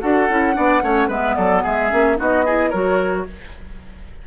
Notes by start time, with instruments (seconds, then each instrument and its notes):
0.00 bassoon D4, clarinet F#4, oboe A4, flute F#5
0.29 bassoon C#4, clarinet E4
0.53 bassoon B3, clarinet D4, oboe D5
0.82 bassoon A3, clarinet C#4, oboe C#5
1.08 bassoon G#3, clarinet B3, oboe B4, flute E5
1.35 bassoon F#3, oboe A4, flute D5
1.63 bassoon G#3, oboe G#4, flute E5
1.90 bassoon A#3, clarinet C#4
2.16 bassoon B3, clarinet D#4, oboe F#4, flute D#5
2.45 clarinet E4, oboe G#4
2.69 bassoon F#3, clarinet F#4, oboe A#4, flute C#5